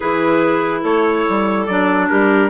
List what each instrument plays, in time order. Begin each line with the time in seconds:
0.00 bassoon E3, clarinet E4 G#4, trumpet B4
0.81 bassoon A3, clarinet A4, trumpet C#5
1.29 bassoon G3
1.66 bassoon F#3, clarinet D4, trumpet D5
2.09 bassoon G3, clarinet G4, trumpet A#4